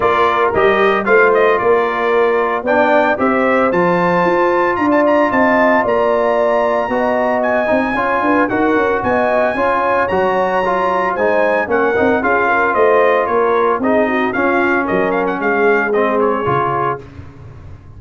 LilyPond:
<<
  \new Staff \with { instrumentName = "trumpet" } { \time 4/4 \tempo 4 = 113 d''4 dis''4 f''8 dis''8 d''4~ | d''4 g''4 e''4 a''4~ | a''4 ais''16 a''16 ais''8 a''4 ais''4~ | ais''2 gis''2 |
fis''4 gis''2 ais''4~ | ais''4 gis''4 fis''4 f''4 | dis''4 cis''4 dis''4 f''4 | dis''8 f''16 fis''16 f''4 dis''8 cis''4. | }
  \new Staff \with { instrumentName = "horn" } { \time 4/4 ais'2 c''4 ais'4~ | ais'4 d''4 c''2~ | c''4 d''4 dis''4 d''4~ | d''4 dis''2 cis''8 b'8 |
ais'4 dis''4 cis''2~ | cis''4 c''4 ais'4 gis'8 ais'8 | c''4 ais'4 gis'8 fis'8 f'4 | ais'4 gis'2. | }
  \new Staff \with { instrumentName = "trombone" } { \time 4/4 f'4 g'4 f'2~ | f'4 d'4 g'4 f'4~ | f'1~ | f'4 fis'4. dis'8 f'4 |
fis'2 f'4 fis'4 | f'4 dis'4 cis'8 dis'8 f'4~ | f'2 dis'4 cis'4~ | cis'2 c'4 f'4 | }
  \new Staff \with { instrumentName = "tuba" } { \time 4/4 ais4 g4 a4 ais4~ | ais4 b4 c'4 f4 | f'4 d'4 c'4 ais4~ | ais4 b4. c'8 cis'8 d'8 |
dis'8 cis'8 b4 cis'4 fis4~ | fis4 gis4 ais8 c'8 cis'4 | a4 ais4 c'4 cis'4 | fis4 gis2 cis4 | }
>>